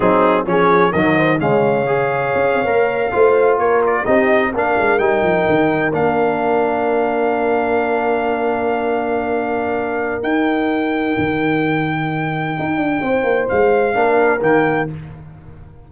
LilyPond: <<
  \new Staff \with { instrumentName = "trumpet" } { \time 4/4 \tempo 4 = 129 gis'4 cis''4 dis''4 f''4~ | f''2.~ f''8. cis''16~ | cis''16 d''8 dis''4 f''4 g''4~ g''16~ | g''8. f''2.~ f''16~ |
f''1~ | f''2 g''2~ | g''1~ | g''4 f''2 g''4 | }
  \new Staff \with { instrumentName = "horn" } { \time 4/4 dis'4 gis'4 ais'8 c''8 cis''4~ | cis''2~ cis''8. c''4 ais'16~ | ais'8. g'4 ais'2~ ais'16~ | ais'1~ |
ais'1~ | ais'1~ | ais'1 | c''2 ais'2 | }
  \new Staff \with { instrumentName = "trombone" } { \time 4/4 c'4 cis'4 fis4 gis4 | gis'4.~ gis'16 ais'4 f'4~ f'16~ | f'8. dis'4 d'4 dis'4~ dis'16~ | dis'8. d'2.~ d'16~ |
d'1~ | d'2 dis'2~ | dis'1~ | dis'2 d'4 ais4 | }
  \new Staff \with { instrumentName = "tuba" } { \time 4/4 fis4 f4 dis4 cis4~ | cis4 cis'8 c'16 ais4 a4 ais16~ | ais8. c'4 ais8 gis8 g8 f8 dis16~ | dis8. ais2.~ ais16~ |
ais1~ | ais2 dis'2 | dis2. dis'8 d'8 | c'8 ais8 gis4 ais4 dis4 | }
>>